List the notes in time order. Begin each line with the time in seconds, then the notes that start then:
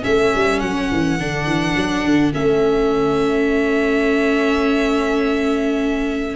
0.00 A3 C#4 A4 E5
0.35 G3
0.60 F#3 F#5
0.92 E3
1.20 D3 D4
1.47 E3
1.76 F#3
2.05 D3
2.34 A3 C#4 E5